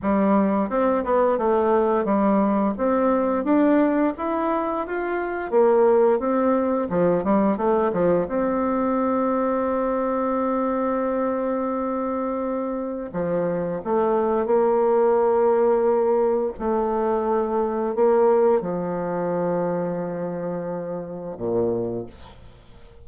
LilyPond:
\new Staff \with { instrumentName = "bassoon" } { \time 4/4 \tempo 4 = 87 g4 c'8 b8 a4 g4 | c'4 d'4 e'4 f'4 | ais4 c'4 f8 g8 a8 f8 | c'1~ |
c'2. f4 | a4 ais2. | a2 ais4 f4~ | f2. ais,4 | }